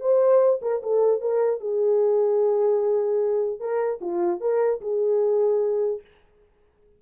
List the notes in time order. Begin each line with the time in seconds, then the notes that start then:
0.00 C5
0.61 A#4
0.83 A4
1.21 A#4
1.60 G#4
3.60 A#4
4.01 F4
4.41 A#4
4.81 G#4